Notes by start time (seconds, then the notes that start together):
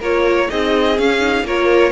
0.00 A#3 F4 A#4 C#5
0.49 C4 D#4 G#4 D#5
0.98 C#4 F5
1.20 D#4
1.43 A#3 F4 A#4 C#5